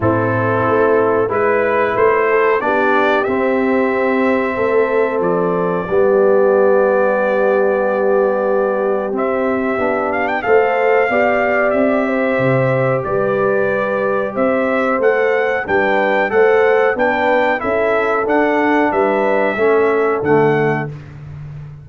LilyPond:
<<
  \new Staff \with { instrumentName = "trumpet" } { \time 4/4 \tempo 4 = 92 a'2 b'4 c''4 | d''4 e''2. | d''1~ | d''2 e''4. f''16 g''16 |
f''2 e''2 | d''2 e''4 fis''4 | g''4 fis''4 g''4 e''4 | fis''4 e''2 fis''4 | }
  \new Staff \with { instrumentName = "horn" } { \time 4/4 e'2 b'4. a'8 | g'2. a'4~ | a'4 g'2.~ | g'1 |
c''4 d''4. c''4. | b'2 c''2 | b'4 c''4 b'4 a'4~ | a'4 b'4 a'2 | }
  \new Staff \with { instrumentName = "trombone" } { \time 4/4 c'2 e'2 | d'4 c'2.~ | c'4 b2.~ | b2 c'4 d'4 |
a'4 g'2.~ | g'2. a'4 | d'4 a'4 d'4 e'4 | d'2 cis'4 a4 | }
  \new Staff \with { instrumentName = "tuba" } { \time 4/4 a,4 a4 gis4 a4 | b4 c'2 a4 | f4 g2.~ | g2 c'4 b4 |
a4 b4 c'4 c4 | g2 c'4 a4 | g4 a4 b4 cis'4 | d'4 g4 a4 d4 | }
>>